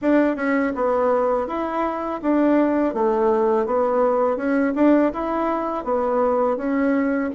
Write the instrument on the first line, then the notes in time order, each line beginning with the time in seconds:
bassoon
0.01 D4
0.36 C#4
0.75 B3
1.47 E4
2.22 D4
2.94 A3
3.66 B3
4.36 C#4
4.75 D4
5.13 E4
5.84 B3
6.57 C#4